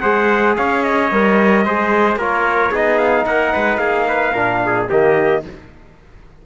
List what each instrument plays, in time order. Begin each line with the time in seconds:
0.00 cello G#3, trombone G#4, trumpet C5 F#5
0.56 cello C#4, trumpet C#5 F5
0.83 trumpet D#5
1.11 cello G3, trombone A#4
1.65 cello G#3, trombone G#4, trumpet C5
2.16 cello A#3, trombone F4, trumpet A#4 C#5
2.71 cello B3, trombone D#4, trumpet G#4 D#5
2.98 trumpet F5
3.25 cello A#3, trumpet A#4 F#5
3.52 cello G#3, trumpet B4
3.77 cello A#3, trumpet G#4 F5
4.08 trumpet B4
4.33 cello A#2, trombone D4, trumpet A#4
4.65 trumpet G#4
4.88 cello D#3, trombone A#3, trumpet G4 D#5